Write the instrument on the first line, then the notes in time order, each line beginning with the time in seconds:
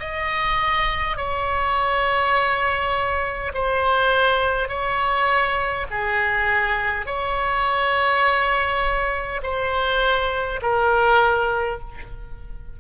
oboe
0.00 D#5
1.17 C#5
3.55 C5
4.68 C#5
5.91 G#4
7.06 C#5
9.43 C5
10.63 A#4